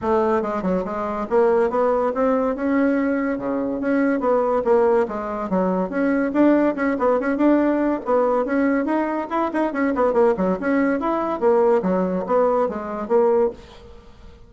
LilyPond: \new Staff \with { instrumentName = "bassoon" } { \time 4/4 \tempo 4 = 142 a4 gis8 fis8 gis4 ais4 | b4 c'4 cis'2 | cis4 cis'4 b4 ais4 | gis4 fis4 cis'4 d'4 |
cis'8 b8 cis'8 d'4. b4 | cis'4 dis'4 e'8 dis'8 cis'8 b8 | ais8 fis8 cis'4 e'4 ais4 | fis4 b4 gis4 ais4 | }